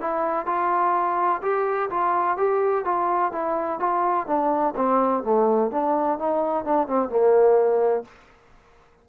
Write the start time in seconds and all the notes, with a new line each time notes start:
0.00 E4
0.46 F4
1.42 G4
1.90 F4
2.37 G4
2.85 F4
3.32 E4
3.79 F4
4.27 D4
4.76 C4
5.23 A3
5.71 D4
6.19 D#4
6.65 D4
6.87 C4
7.09 A#3